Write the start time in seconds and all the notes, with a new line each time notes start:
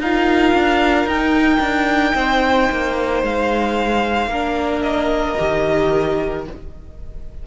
0.00 D#4 F4 A#4 F5
0.54 D4
1.05 D#4 G5
1.60 D4
2.15 C4 C5
2.72 A#3
3.23 G#3 F5
4.27 A#3 D4 A#4
4.82 D#5
5.38 D#3 G4